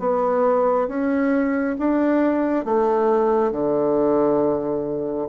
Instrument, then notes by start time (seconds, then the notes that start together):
bassoon
0.00 B3
0.88 C#4
1.79 D4
2.66 A3
3.52 D3